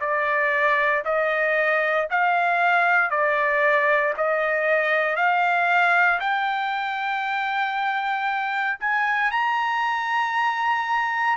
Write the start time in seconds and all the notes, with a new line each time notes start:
0.00 D5
1.05 D#5
2.10 F5
3.10 D5
4.17 D#5
5.16 F5
6.20 G5
8.80 G#5
9.31 A#5